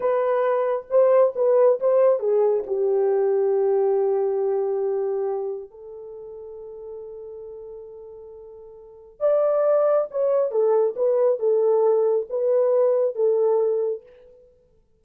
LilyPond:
\new Staff \with { instrumentName = "horn" } { \time 4/4 \tempo 4 = 137 b'2 c''4 b'4 | c''4 gis'4 g'2~ | g'1~ | g'4 a'2.~ |
a'1~ | a'4 d''2 cis''4 | a'4 b'4 a'2 | b'2 a'2 | }